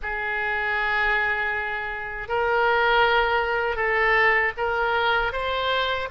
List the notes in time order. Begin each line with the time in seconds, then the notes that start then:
0.02 G#4
2.28 A#4
3.76 A4
4.57 A#4
5.32 C5